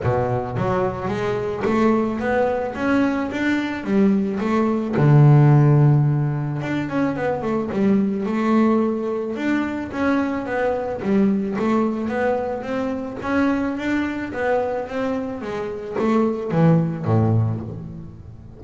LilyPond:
\new Staff \with { instrumentName = "double bass" } { \time 4/4 \tempo 4 = 109 b,4 fis4 gis4 a4 | b4 cis'4 d'4 g4 | a4 d2. | d'8 cis'8 b8 a8 g4 a4~ |
a4 d'4 cis'4 b4 | g4 a4 b4 c'4 | cis'4 d'4 b4 c'4 | gis4 a4 e4 a,4 | }